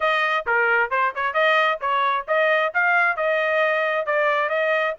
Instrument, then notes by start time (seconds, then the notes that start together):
trumpet
0.00 D#5
0.46 A#4
0.90 C5
1.15 C#5
1.33 D#5
1.80 C#5
2.27 D#5
2.74 F5
3.16 D#5
4.06 D5
4.49 D#5